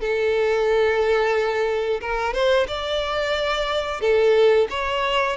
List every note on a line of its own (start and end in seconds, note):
0.00 2.00 A4
2.01 2.33 A#4
2.33 2.67 C5
2.67 4.01 D5
4.01 4.67 A4
4.70 5.36 C#5